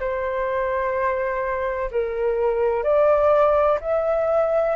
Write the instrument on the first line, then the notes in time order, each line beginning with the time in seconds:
flute
0.00 C5
1.91 A#4
2.84 D5
3.81 E5